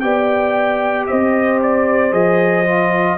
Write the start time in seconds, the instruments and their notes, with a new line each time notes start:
0.00 tuba B3, trombone G4, horn D5, trumpet G5
1.06 tuba C4, horn C5, trumpet D#5
1.62 trumpet D5
2.11 tuba F3, trombone G#4, trumpet D#5
2.65 trombone F4